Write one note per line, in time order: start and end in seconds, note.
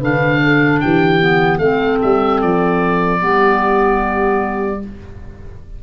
0.00 0.81 D3
0.00 1.20 D4
0.00 0.40 B4
0.00 0.81 F5
0.44 0.82 A4
0.81 1.59 E3
0.81 1.61 G4
0.81 1.59 G5
1.20 1.60 B3
1.59 1.99 A3
1.59 3.20 C4
1.59 3.21 A4
1.59 1.99 F5
2.02 2.43 G3
2.02 2.42 E5
2.42 3.23 F3
2.42 4.82 D5
3.20 4.83 G3
3.20 4.79 B3
3.20 4.81 G4